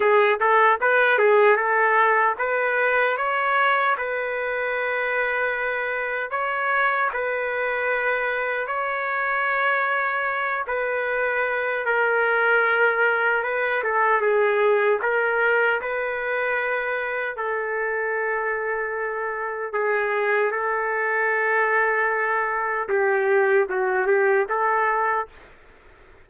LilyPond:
\new Staff \with { instrumentName = "trumpet" } { \time 4/4 \tempo 4 = 76 gis'8 a'8 b'8 gis'8 a'4 b'4 | cis''4 b'2. | cis''4 b'2 cis''4~ | cis''4. b'4. ais'4~ |
ais'4 b'8 a'8 gis'4 ais'4 | b'2 a'2~ | a'4 gis'4 a'2~ | a'4 g'4 fis'8 g'8 a'4 | }